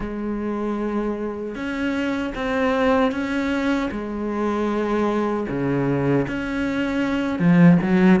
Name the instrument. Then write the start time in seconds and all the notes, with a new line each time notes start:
cello
0.00 G#3
1.55 C#4
2.34 C4
3.11 C#4
3.91 G#3
5.48 C#3
6.27 C#4
7.38 F3
7.82 F#3